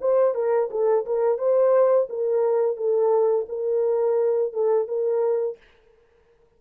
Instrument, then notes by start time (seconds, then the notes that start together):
horn
0.00 C5
0.34 A#4
0.70 A4
1.05 A#4
1.38 C5
2.09 A#4
2.76 A4
3.48 A#4
4.53 A4
4.87 A#4